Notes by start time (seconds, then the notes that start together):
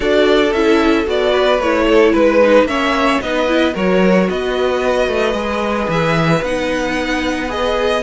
0.00 D4 F#4 A4 D5
0.52 C#4 E4 E5
1.05 B3 F#4 D5
1.31 B4
1.58 A3 E4 C#5
1.87 A4
2.12 G#3 B4
2.42 D#4
2.63 A#3 C#4 C#5 E5
3.20 B3 D#4 B4 D#5
3.47 E4
3.73 F#3 F#4 A#4 C#5
4.29 B3 B4 D#5
5.07 A3
5.33 G#3 G#4
5.88 E3 E5
6.42 B3 D#4 F#5
7.48 G#4 D#5